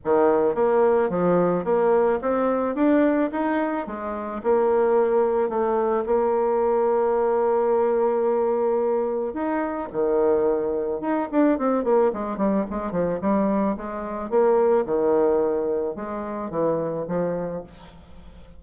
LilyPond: \new Staff \with { instrumentName = "bassoon" } { \time 4/4 \tempo 4 = 109 dis4 ais4 f4 ais4 | c'4 d'4 dis'4 gis4 | ais2 a4 ais4~ | ais1~ |
ais4 dis'4 dis2 | dis'8 d'8 c'8 ais8 gis8 g8 gis8 f8 | g4 gis4 ais4 dis4~ | dis4 gis4 e4 f4 | }